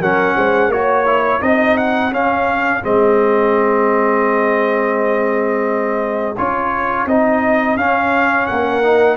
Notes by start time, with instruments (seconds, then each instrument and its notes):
0.00 tuba F#3, trombone C#4, horn A#4, trumpet F#5
0.36 tuba G#3, horn C5
0.68 tuba A#3, trombone F#4, trumpet C#5, horn C#5
1.06 trombone E4
1.41 tuba C4, trombone D#4, horn G#4, trumpet D#5
1.77 trumpet F#5
2.12 tuba C#4, trombone C#4, trumpet F5
2.82 tuba G#3, trombone C4, trumpet D#5
6.37 tuba C#4, trombone F4, trumpet C#5
7.06 tuba C4, trombone D#4, trumpet D#5
7.76 tuba C#4, trombone C#4, trumpet F5
8.46 tuba A#3, horn A#4, trumpet F#5
8.83 trombone D#4